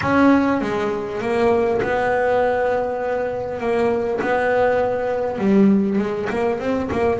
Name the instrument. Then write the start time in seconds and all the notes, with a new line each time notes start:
double bass
0.01 C#4
0.61 G#3
1.21 A#3
1.82 B3
3.60 A#3
4.21 B3
5.38 G3
5.98 G#3
6.29 A#3
6.59 C4
6.91 A#3